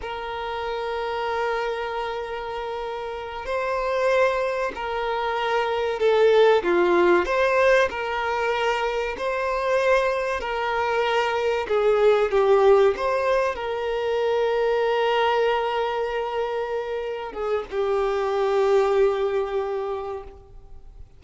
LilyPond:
\new Staff \with { instrumentName = "violin" } { \time 4/4 \tempo 4 = 95 ais'1~ | ais'4. c''2 ais'8~ | ais'4. a'4 f'4 c''8~ | c''8 ais'2 c''4.~ |
c''8 ais'2 gis'4 g'8~ | g'8 c''4 ais'2~ ais'8~ | ais'2.~ ais'8 gis'8 | g'1 | }